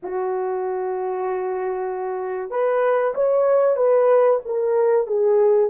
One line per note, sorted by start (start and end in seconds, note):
0.03 2.50 F#4
2.50 3.13 B4
3.14 3.76 C#5
3.76 4.39 B4
4.45 5.06 A#4
5.06 5.70 G#4